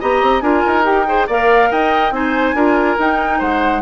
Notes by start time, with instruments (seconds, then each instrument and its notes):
0.00 bassoon B3, clarinet G4, oboe D#5, flute A#5
0.22 bassoon C4
0.41 bassoon D4, clarinet F4, oboe A#4, flute G#5
0.66 bassoon D#4
0.83 clarinet G4, flute G5
1.07 clarinet G#4, oboe C5
1.27 bassoon A#3, clarinet A#4, oboe D5, flute F5
1.71 bassoon D#4, oboe D#5, flute G5
2.11 bassoon C4, clarinet D#4, oboe C5, flute G#5
2.53 bassoon D4, clarinet F4, oboe A#4
2.98 bassoon D#4, clarinet D#4, flute G5
3.38 bassoon G#3, oboe C5, flute F#5